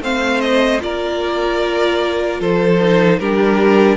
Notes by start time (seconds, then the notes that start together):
0.00 A3 C4 C5 F5
0.40 D#5
0.79 A#3 F4 A#4 D5
2.40 F3 A4 C5
2.80 D#4
3.19 G3 D4 G4 A#4